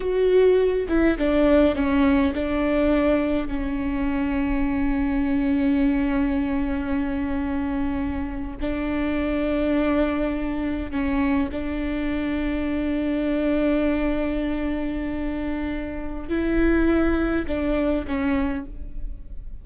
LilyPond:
\new Staff \with { instrumentName = "viola" } { \time 4/4 \tempo 4 = 103 fis'4. e'8 d'4 cis'4 | d'2 cis'2~ | cis'1~ | cis'2~ cis'8. d'4~ d'16~ |
d'2~ d'8. cis'4 d'16~ | d'1~ | d'1 | e'2 d'4 cis'4 | }